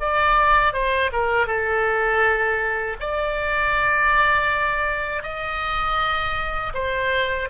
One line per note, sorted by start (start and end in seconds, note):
0.00 0.73 D5
0.73 1.10 C5
1.12 1.47 A#4
1.47 2.97 A4
3.00 5.23 D5
5.23 6.73 D#5
6.74 7.49 C5